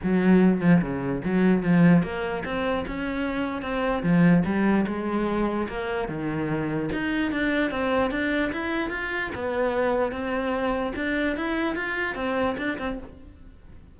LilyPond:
\new Staff \with { instrumentName = "cello" } { \time 4/4 \tempo 4 = 148 fis4. f8 cis4 fis4 | f4 ais4 c'4 cis'4~ | cis'4 c'4 f4 g4 | gis2 ais4 dis4~ |
dis4 dis'4 d'4 c'4 | d'4 e'4 f'4 b4~ | b4 c'2 d'4 | e'4 f'4 c'4 d'8 c'8 | }